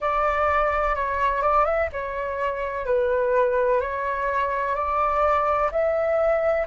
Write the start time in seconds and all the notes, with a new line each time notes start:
0.00 D5
0.95 C#5
1.42 D5
1.65 E5
1.92 C#5
2.85 B4
3.81 C#5
4.75 D5
5.71 E5